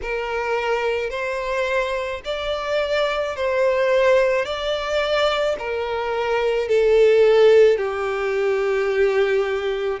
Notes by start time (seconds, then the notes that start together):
0.02 A#4
1.10 C5
2.25 D5
3.36 C5
4.44 D5
5.59 A#4
6.68 A4
7.77 G4